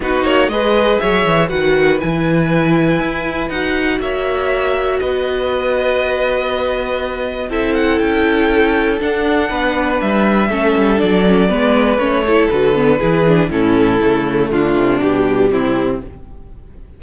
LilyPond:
<<
  \new Staff \with { instrumentName = "violin" } { \time 4/4 \tempo 4 = 120 b'8 cis''8 dis''4 e''4 fis''4 | gis''2. fis''4 | e''2 dis''2~ | dis''2. e''8 fis''8 |
g''2 fis''2 | e''2 d''2 | cis''4 b'2 a'4~ | a'4 f'4 g'4 e'4 | }
  \new Staff \with { instrumentName = "violin" } { \time 4/4 fis'4 b'4 cis''4 b'4~ | b'1 | cis''2 b'2~ | b'2. a'4~ |
a'2. b'4~ | b'4 a'2 b'4~ | b'8 a'4. gis'4 e'4~ | e'4 d'2 c'4 | }
  \new Staff \with { instrumentName = "viola" } { \time 4/4 dis'4 gis'2 fis'4 | e'2. fis'4~ | fis'1~ | fis'2. e'4~ |
e'2 d'2~ | d'4 cis'4 d'8 cis'8 b4 | cis'8 e'8 fis'8 b8 e'8 d'8 cis'4 | a2 g2 | }
  \new Staff \with { instrumentName = "cello" } { \time 4/4 b8 ais8 gis4 fis8 e8 dis4 | e2 e'4 dis'4 | ais2 b2~ | b2. c'4 |
cis'2 d'4 b4 | g4 a8 g8 fis4 gis4 | a4 d4 e4 a,4 | cis4 d8 c8 b,4 c4 | }
>>